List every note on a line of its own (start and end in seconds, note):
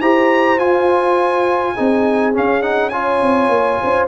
0.00 0.58 E4
0.00 0.59 G4
0.00 1.73 C5
0.00 0.58 A#5
0.58 1.74 F4
0.58 1.75 F4
0.58 2.33 G#5
1.73 2.37 C4
1.73 2.33 D#4
1.73 2.90 G#4
2.33 2.62 C#4
2.33 3.22 C#4
2.33 2.62 F5
2.62 2.91 D#4
2.62 2.89 F#5
2.89 4.08 F4
2.89 3.81 C#5
2.89 4.06 G#5
3.22 3.49 C4
3.49 3.78 A#3
3.81 4.08 C#4
3.81 4.08 C5